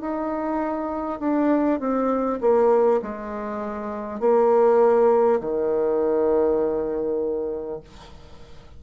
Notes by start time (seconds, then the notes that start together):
0.00 D#4
1.19 D4
1.79 C4
2.40 A#3
3.02 G#3
4.20 A#3
5.40 D#3